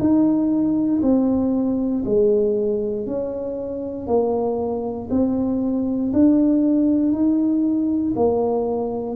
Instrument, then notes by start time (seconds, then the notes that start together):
tuba
0.00 D#4
1.03 C4
2.05 G#3
3.07 C#4
4.07 A#3
5.11 C4
6.13 D4
7.12 D#4
8.16 A#3